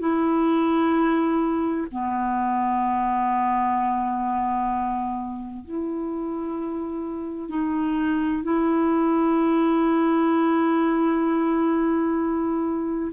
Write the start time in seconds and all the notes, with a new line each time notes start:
0.00 E4
1.92 B3
5.65 E4
7.50 D#4
8.43 E4